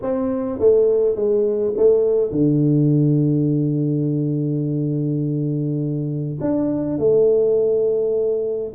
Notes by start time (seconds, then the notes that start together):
0.02 C4
0.59 A3
1.15 G#3
1.77 A3
2.31 D3
6.40 D4
6.98 A3